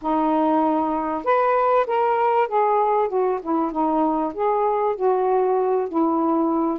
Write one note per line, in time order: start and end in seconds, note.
0.01 1.24 D#4
1.24 1.86 B4
1.86 2.48 A#4
2.48 3.08 G#4
3.08 3.39 F#4
3.42 3.71 E4
3.71 4.33 D#4
4.34 4.95 G#4
4.95 5.88 F#4
5.88 6.79 E4